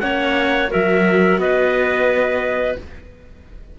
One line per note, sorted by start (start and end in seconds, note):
0.00 0.72 A#3
0.00 0.68 C#4
0.00 0.71 C#5
0.00 0.69 F#5
0.68 2.75 F#4
0.68 1.40 A#4
0.68 1.40 E5
0.75 1.38 F#3
1.38 2.76 B3
1.38 2.78 B4
1.38 2.78 D#5